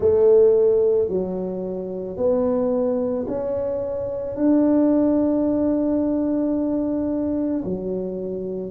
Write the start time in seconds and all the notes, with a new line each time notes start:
0.00 A3
1.08 F#3
2.17 B3
3.27 C#4
4.35 D4
7.64 F#3